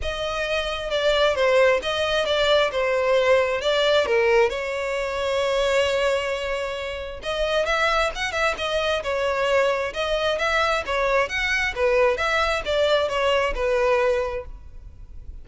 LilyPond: \new Staff \with { instrumentName = "violin" } { \time 4/4 \tempo 4 = 133 dis''2 d''4 c''4 | dis''4 d''4 c''2 | d''4 ais'4 cis''2~ | cis''1 |
dis''4 e''4 fis''8 e''8 dis''4 | cis''2 dis''4 e''4 | cis''4 fis''4 b'4 e''4 | d''4 cis''4 b'2 | }